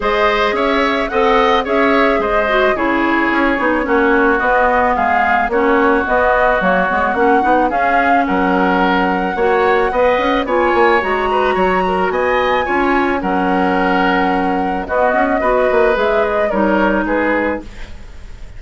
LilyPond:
<<
  \new Staff \with { instrumentName = "flute" } { \time 4/4 \tempo 4 = 109 dis''4 e''4 fis''4 e''4 | dis''4 cis''2. | dis''4 f''4 cis''4 dis''4 | cis''4 fis''4 f''4 fis''4~ |
fis''2. gis''4 | ais''2 gis''2 | fis''2. dis''4~ | dis''4 e''8 dis''8 cis''4 b'4 | }
  \new Staff \with { instrumentName = "oboe" } { \time 4/4 c''4 cis''4 dis''4 cis''4 | c''4 gis'2 fis'4~ | fis'4 gis'4 fis'2~ | fis'2 gis'4 ais'4~ |
ais'4 cis''4 dis''4 cis''4~ | cis''8 b'8 cis''8 ais'8 dis''4 cis''4 | ais'2. fis'4 | b'2 ais'4 gis'4 | }
  \new Staff \with { instrumentName = "clarinet" } { \time 4/4 gis'2 a'4 gis'4~ | gis'8 fis'8 e'4. dis'8 cis'4 | b2 cis'4 b4 | ais8 b8 cis'8 dis'8 cis'2~ |
cis'4 fis'4 b'4 f'4 | fis'2. f'4 | cis'2. b4 | fis'4 gis'4 dis'2 | }
  \new Staff \with { instrumentName = "bassoon" } { \time 4/4 gis4 cis'4 c'4 cis'4 | gis4 cis4 cis'8 b8 ais4 | b4 gis4 ais4 b4 | fis8 gis8 ais8 b8 cis'4 fis4~ |
fis4 ais4 b8 cis'8 b8 ais8 | gis4 fis4 b4 cis'4 | fis2. b8 cis'8 | b8 ais8 gis4 g4 gis4 | }
>>